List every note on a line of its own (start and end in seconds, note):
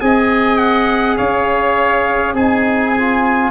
0.00 1.19 C4
0.00 2.36 G#4
0.00 1.16 D#5
0.00 0.58 G#5
0.58 1.17 F#5
1.16 2.33 C#4
1.16 2.34 C#5
1.16 2.35 F5
2.33 3.51 C4
2.33 2.95 D#4
2.33 3.51 G#4
2.33 3.51 G#5
2.96 3.51 F4